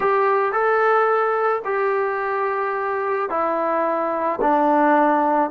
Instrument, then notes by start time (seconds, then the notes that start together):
trombone
0.00 G4
0.52 A4
1.64 G4
3.29 E4
4.41 D4